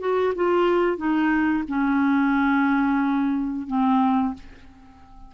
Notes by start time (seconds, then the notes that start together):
0.00 F#4
0.35 F4
0.97 D#4
1.68 C#4
3.67 C4